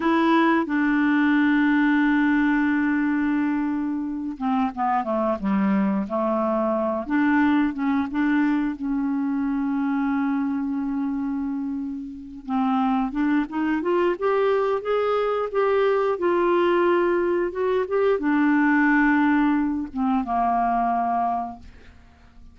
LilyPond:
\new Staff \with { instrumentName = "clarinet" } { \time 4/4 \tempo 4 = 89 e'4 d'2.~ | d'2~ d'8 c'8 b8 a8 | g4 a4. d'4 cis'8 | d'4 cis'2.~ |
cis'2~ cis'8 c'4 d'8 | dis'8 f'8 g'4 gis'4 g'4 | f'2 fis'8 g'8 d'4~ | d'4. c'8 ais2 | }